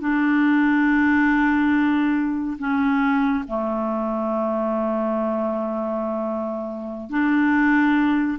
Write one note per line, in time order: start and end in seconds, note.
0.00 2.57 D4
2.59 3.44 C#4
3.48 7.10 A3
7.10 8.38 D4